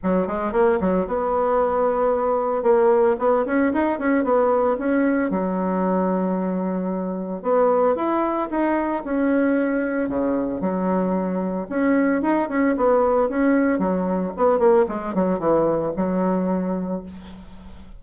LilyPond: \new Staff \with { instrumentName = "bassoon" } { \time 4/4 \tempo 4 = 113 fis8 gis8 ais8 fis8 b2~ | b4 ais4 b8 cis'8 dis'8 cis'8 | b4 cis'4 fis2~ | fis2 b4 e'4 |
dis'4 cis'2 cis4 | fis2 cis'4 dis'8 cis'8 | b4 cis'4 fis4 b8 ais8 | gis8 fis8 e4 fis2 | }